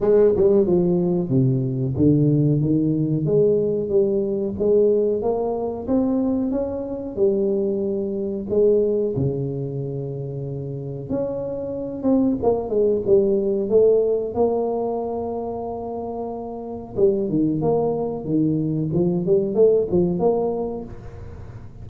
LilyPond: \new Staff \with { instrumentName = "tuba" } { \time 4/4 \tempo 4 = 92 gis8 g8 f4 c4 d4 | dis4 gis4 g4 gis4 | ais4 c'4 cis'4 g4~ | g4 gis4 cis2~ |
cis4 cis'4. c'8 ais8 gis8 | g4 a4 ais2~ | ais2 g8 dis8 ais4 | dis4 f8 g8 a8 f8 ais4 | }